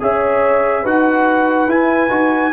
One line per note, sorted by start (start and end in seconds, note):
0.00 0.84 C#4
0.00 0.84 G#4
0.00 0.82 C#5
0.00 0.85 E5
0.82 1.67 D#4
0.82 1.68 F#4
0.82 2.51 B4
0.82 1.70 F#5
1.67 2.09 E4
1.67 2.52 G#5
2.09 2.52 D#4
2.09 2.51 F#4